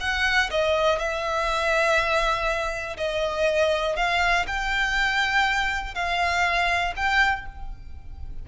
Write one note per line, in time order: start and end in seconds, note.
0.00 0.50 F#5
0.51 0.98 D#5
0.98 2.97 E5
2.97 3.96 D#5
3.96 4.46 F5
4.47 5.95 G5
5.95 6.94 F5
6.96 7.46 G5